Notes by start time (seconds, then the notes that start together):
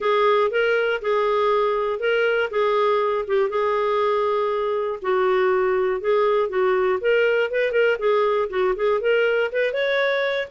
0.00 G#4
0.50 A#4
1.01 G#4
1.99 A#4
2.50 G#4
3.27 G4
3.49 G#4
5.01 F#4
6.00 G#4
6.49 F#4
7.00 A#4
7.50 B4
7.72 A#4
7.98 G#4
8.49 F#4
8.76 G#4
9.00 A#4
9.52 B4
9.73 C#5